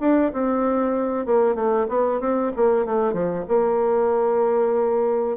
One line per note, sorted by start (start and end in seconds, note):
0.00 0.32 D4
0.33 1.25 C4
1.25 1.55 A#3
1.55 1.86 A3
1.88 2.20 B3
2.20 2.51 C4
2.56 2.85 A#3
2.85 3.13 A3
3.13 3.44 F3
3.48 5.37 A#3